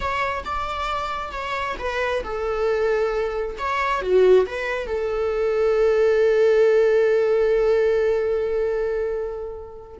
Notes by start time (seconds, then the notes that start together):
0.00 C#5
0.44 D5
1.31 C#5
1.78 B4
2.23 A4
3.58 C#5
4.01 F#4
4.46 B4
4.86 A4